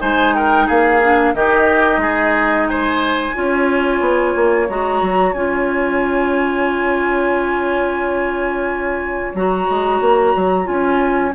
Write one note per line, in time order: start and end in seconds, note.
0.00 0.68 G#3
0.00 1.00 D#4
0.00 0.35 C5
0.00 0.35 G#5
0.35 0.67 A#4
0.35 0.68 G5
0.67 1.34 A#3
0.67 1.34 G#4
0.67 1.35 F5
1.03 1.36 D4
1.34 1.97 D#3
1.34 3.35 D#4
1.34 2.02 G4
1.34 2.68 D#5
1.97 3.31 G#3
1.97 2.68 G#4
2.68 3.36 C5
2.68 4.68 G#5
3.35 4.01 C#4
3.35 4.68 F4
3.35 11.35 C#5
4.01 4.34 B3
4.36 4.69 A#3
4.69 5.02 G#3
4.69 5.36 F#4
4.69 5.34 A#5
5.02 5.34 F#3
5.34 9.34 C#4
5.34 9.36 F4
5.34 9.34 G#5
9.35 9.68 F#3
9.35 10.64 F#4
9.35 10.67 A#5
9.70 10.01 G#3
10.01 10.34 A#3
10.36 10.68 F#3
10.64 11.35 C#4
10.64 11.31 F4
10.64 11.34 G#5